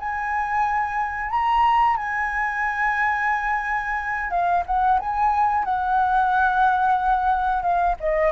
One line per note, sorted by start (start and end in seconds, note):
0.00 1.31 G#5
1.31 1.97 A#5
1.97 4.31 G#5
4.31 4.64 F5
4.66 5.00 F#5
5.00 5.65 G#5
5.65 7.63 F#5
7.63 7.96 F5
8.00 8.32 D#5